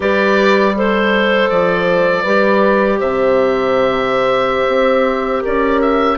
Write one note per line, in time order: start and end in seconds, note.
0.00 1.50 G3
0.00 0.75 G4
0.00 0.75 B4
0.00 0.76 D5
0.75 2.25 A4
0.75 2.22 C5
0.75 1.49 C5
1.49 2.24 F3
1.49 2.99 D5
2.22 2.99 G3
2.22 6.18 G4
2.22 2.97 B4
2.99 4.67 C3
2.99 5.41 C5
2.99 5.43 E5
4.67 5.42 C4
5.41 6.18 C#4
5.41 6.16 A#4
5.41 5.81 D5
5.81 6.18 E5